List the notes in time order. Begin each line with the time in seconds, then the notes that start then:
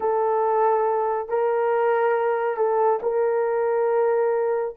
0.00 A4
1.29 A#4
2.56 A4
3.02 A#4